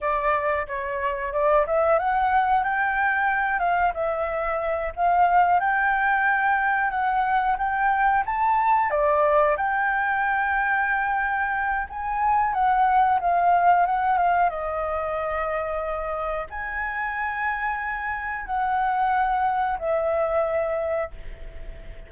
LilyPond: \new Staff \with { instrumentName = "flute" } { \time 4/4 \tempo 4 = 91 d''4 cis''4 d''8 e''8 fis''4 | g''4. f''8 e''4. f''8~ | f''8 g''2 fis''4 g''8~ | g''8 a''4 d''4 g''4.~ |
g''2 gis''4 fis''4 | f''4 fis''8 f''8 dis''2~ | dis''4 gis''2. | fis''2 e''2 | }